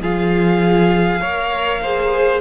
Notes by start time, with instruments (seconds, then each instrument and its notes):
0.00 cello F3, viola F4, violin G#4 F5
1.21 cello A#3, viola A#4, violin C#5
1.81 viola G#4, violin C5